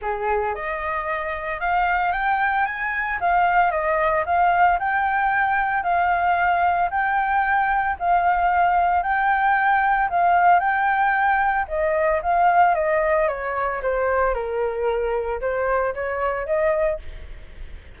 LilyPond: \new Staff \with { instrumentName = "flute" } { \time 4/4 \tempo 4 = 113 gis'4 dis''2 f''4 | g''4 gis''4 f''4 dis''4 | f''4 g''2 f''4~ | f''4 g''2 f''4~ |
f''4 g''2 f''4 | g''2 dis''4 f''4 | dis''4 cis''4 c''4 ais'4~ | ais'4 c''4 cis''4 dis''4 | }